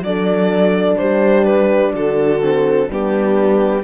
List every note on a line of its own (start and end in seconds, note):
0.00 0.95 F#3
0.00 2.41 D4
0.00 1.00 A4
0.00 0.98 D5
0.98 1.94 G3
0.98 1.93 G4
0.98 1.44 C5
1.44 1.92 B4
1.93 2.89 D3
1.93 2.86 F#4
1.93 2.91 A4
2.41 2.89 C4
2.86 3.83 G3
2.86 3.83 B3
2.86 3.81 D4
2.86 3.83 G4